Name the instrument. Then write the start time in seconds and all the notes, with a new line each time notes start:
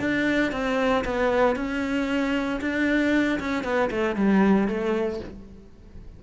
cello
0.00 D4
0.52 C4
1.05 B3
1.56 C#4
2.61 D4
3.40 C#4
3.64 B3
3.91 A3
4.16 G3
4.68 A3